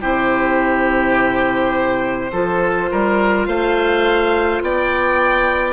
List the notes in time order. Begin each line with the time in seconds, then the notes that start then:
0.00 C3 E4 G4 C5
2.32 F3 F4 A4
2.91 G3 A#4
3.45 A3 C5 F5
4.61 B3 D5 G5